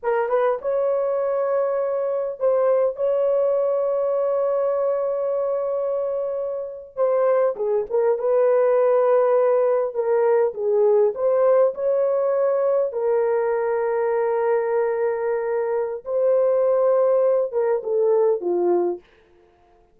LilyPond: \new Staff \with { instrumentName = "horn" } { \time 4/4 \tempo 4 = 101 ais'8 b'8 cis''2. | c''4 cis''2.~ | cis''2.~ cis''8. c''16~ | c''8. gis'8 ais'8 b'2~ b'16~ |
b'8. ais'4 gis'4 c''4 cis''16~ | cis''4.~ cis''16 ais'2~ ais'16~ | ais'2. c''4~ | c''4. ais'8 a'4 f'4 | }